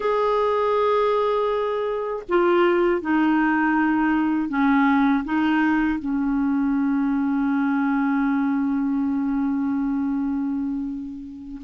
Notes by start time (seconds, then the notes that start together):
0.00 G#4
2.28 F4
3.01 D#4
4.49 C#4
5.24 D#4
5.99 C#4